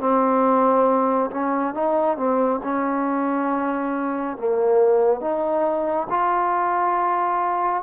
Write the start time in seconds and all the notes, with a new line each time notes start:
0.00 C4
1.31 C#4
1.74 D#4
2.17 C4
2.64 C#4
4.38 A#3
5.21 D#4
6.10 F4